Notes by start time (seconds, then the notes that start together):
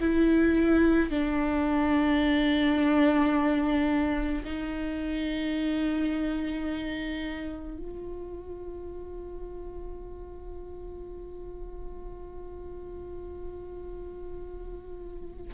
0.00 E4
1.10 D4
4.44 D#4
7.78 F4